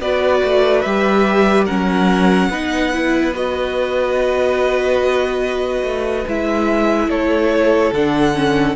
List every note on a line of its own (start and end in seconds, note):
0.00 0.42 B3
0.00 0.85 F#4
0.00 1.65 B4
0.00 0.81 D5
0.44 0.85 A3
0.81 1.68 G3
0.81 1.68 G4
0.81 1.64 E5
1.65 2.49 F#3
1.65 2.51 C#4
1.65 2.48 A#4
1.65 3.33 F#5
2.49 5.82 B3
2.49 2.92 D#4
2.49 7.09 B4
2.92 3.34 E4
3.34 6.26 F#4
3.34 6.27 D#5
5.83 6.24 A3
6.27 7.07 G#3
6.27 7.94 E4
6.27 7.10 E5
7.07 7.91 A3
7.07 8.76 A4
7.07 7.93 C#5
7.92 8.76 D3
7.92 8.34 D4
7.92 8.76 F#5
8.34 8.76 C#4